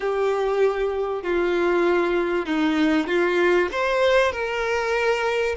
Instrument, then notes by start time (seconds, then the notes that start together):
violin
0.00 G4
1.22 F4
2.45 D#4
3.07 F4
3.71 C5
4.32 A#4